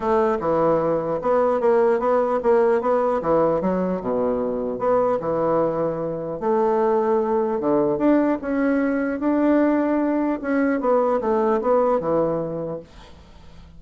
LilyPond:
\new Staff \with { instrumentName = "bassoon" } { \time 4/4 \tempo 4 = 150 a4 e2 b4 | ais4 b4 ais4 b4 | e4 fis4 b,2 | b4 e2. |
a2. d4 | d'4 cis'2 d'4~ | d'2 cis'4 b4 | a4 b4 e2 | }